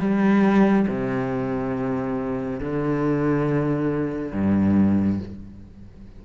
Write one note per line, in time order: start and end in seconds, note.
0.00 0.87 G3
0.88 2.60 C3
2.60 4.33 D3
4.33 5.20 G2